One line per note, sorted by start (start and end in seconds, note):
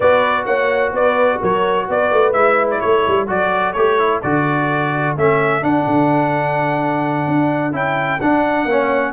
0.00 0.46 B3
0.00 2.34 F#4
0.00 0.45 B4
0.00 0.45 D5
0.45 0.92 A#3
0.45 0.92 C#5
0.45 0.92 F#5
0.92 1.39 B3
0.92 1.40 B4
0.92 1.42 D5
1.41 1.89 F#3
1.41 1.88 A#4
1.41 1.90 C#5
1.89 2.11 B3
1.89 2.80 B4
1.89 2.32 D5
2.11 2.33 A3
2.32 2.80 G#3
2.32 3.27 E4
2.32 2.67 E5
2.71 2.80 D5
2.80 3.06 A3
2.80 8.66 A4
2.80 3.27 C#5
3.07 3.28 G3
3.27 3.75 F#3
3.27 3.74 F#4
3.27 3.72 D5
3.72 4.22 A3
3.72 3.98 G4
3.72 4.19 C#5
3.98 4.22 E4
4.22 5.16 D3
4.22 5.17 F#4
4.22 5.16 D5
5.16 5.62 A3
5.16 5.61 C#4
5.16 5.63 E5
5.61 7.72 D4
5.61 5.86 D4
5.61 7.74 F#5
5.87 7.27 D3
7.27 7.72 D4
7.72 8.19 C#4
7.72 8.19 E4
7.72 8.20 G5
8.20 8.65 D4
8.20 8.68 D4
8.20 9.12 F#5
8.65 9.12 A#3
8.65 9.12 C#4
8.65 9.12 C#5